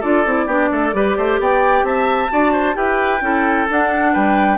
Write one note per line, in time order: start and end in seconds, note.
0.00 0.26 D4
0.00 0.25 F4
0.00 0.46 A4
0.00 1.40 D5
0.26 0.47 C4
0.26 0.48 E4
0.47 0.70 B3
0.47 0.93 D4
0.47 0.70 G4
0.72 0.94 A3
0.72 0.95 A4
0.93 1.17 G3
0.93 2.30 G4
0.93 1.18 B4
1.18 1.40 A3
1.18 1.41 C5
1.40 1.83 B3
1.40 1.86 D5
1.40 1.86 G5
1.83 2.29 C4
1.83 2.32 E5
1.83 2.77 A5
2.30 2.77 D4
2.30 2.74 F#4
2.30 2.52 D5
2.52 2.75 C5
2.74 3.21 E4
2.74 3.20 G4
2.74 3.24 B4
2.74 3.68 G5
3.21 3.67 C#4
3.21 3.68 E4
3.21 4.13 A4
3.70 4.59 D4
3.70 4.16 D4
3.70 4.15 F#5
4.13 4.59 G3
4.13 4.59 B4
4.13 4.59 G5